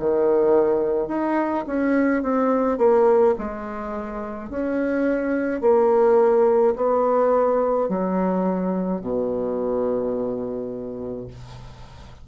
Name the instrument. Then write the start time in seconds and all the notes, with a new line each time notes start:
bassoon
0.00 D#3
1.09 D#4
1.67 C#4
2.23 C4
2.78 A#3
3.39 G#3
4.50 C#4
5.61 A#3
6.76 B3
7.89 F#3
9.02 B2